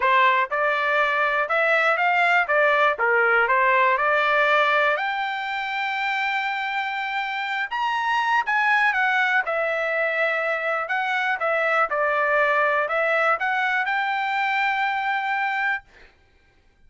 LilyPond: \new Staff \with { instrumentName = "trumpet" } { \time 4/4 \tempo 4 = 121 c''4 d''2 e''4 | f''4 d''4 ais'4 c''4 | d''2 g''2~ | g''2.~ g''8 ais''8~ |
ais''4 gis''4 fis''4 e''4~ | e''2 fis''4 e''4 | d''2 e''4 fis''4 | g''1 | }